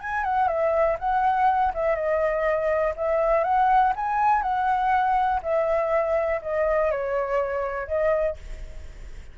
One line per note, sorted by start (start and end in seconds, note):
0.00 0.23 G#5
0.23 0.47 F#5
0.47 0.97 E5
0.98 1.72 F#5
1.74 1.95 E5
1.95 2.93 D#5
2.96 3.43 E5
3.43 3.93 F#5
3.95 4.42 G#5
4.42 5.40 F#5
5.42 6.40 E5
6.42 6.91 D#5
6.91 7.87 C#5
7.87 8.36 D#5